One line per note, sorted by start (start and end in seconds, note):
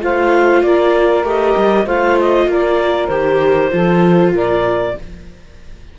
0.00 0.63 A3
0.00 1.24 F4
0.00 0.63 C5
0.00 0.62 F5
0.62 1.23 A#3
0.62 1.85 A#4
0.62 1.24 D5
1.23 1.54 A3
1.23 1.86 G4
1.23 1.87 D#5
1.56 1.86 G3
1.85 2.46 A3
1.85 3.10 F4
1.85 2.47 C5
1.85 2.18 F5
2.19 2.50 D#5
2.46 3.08 A#3
2.46 3.71 A#4
2.46 3.07 D5
3.07 3.70 D#3
3.07 3.70 G4
3.07 4.31 C5
3.70 4.32 F3
3.70 4.94 F4
3.70 4.32 A4
4.32 4.94 A#2
4.32 4.94 A#4
4.32 4.98 D5